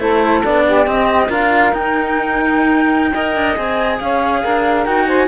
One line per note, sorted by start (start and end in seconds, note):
0.00 0.43 A3
0.00 0.43 E4
0.00 0.65 A4
0.00 0.44 C5
0.45 0.88 B3
0.45 0.86 D4
0.45 0.88 D5
0.66 1.28 G4
0.86 1.29 C4
0.86 1.30 C4
0.86 1.31 D#5
1.28 1.73 D4
1.28 1.73 F4
1.28 3.12 A#4
1.28 1.75 F5
1.73 3.13 D#4
1.73 3.36 D#4
1.73 3.56 G5
3.13 3.56 A#4
3.13 3.99 D#5
3.36 3.57 D4
3.56 4.01 C4
3.56 4.86 G#4
3.56 3.99 G#5
4.00 4.44 C#4
4.00 4.42 C#5
4.00 4.86 F5
4.42 4.87 D4
4.42 5.07 A#4
4.86 5.28 D#4
4.86 5.28 F#4
4.86 5.07 G5
5.07 5.28 C5
5.07 5.28 G#5